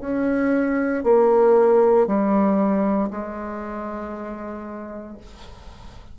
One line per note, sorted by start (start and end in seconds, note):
0.00 1.03 C#4
1.03 2.06 A#3
2.06 3.09 G3
3.10 5.17 G#3